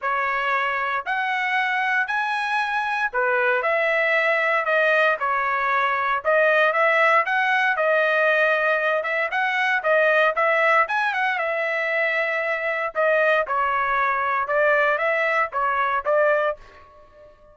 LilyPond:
\new Staff \with { instrumentName = "trumpet" } { \time 4/4 \tempo 4 = 116 cis''2 fis''2 | gis''2 b'4 e''4~ | e''4 dis''4 cis''2 | dis''4 e''4 fis''4 dis''4~ |
dis''4. e''8 fis''4 dis''4 | e''4 gis''8 fis''8 e''2~ | e''4 dis''4 cis''2 | d''4 e''4 cis''4 d''4 | }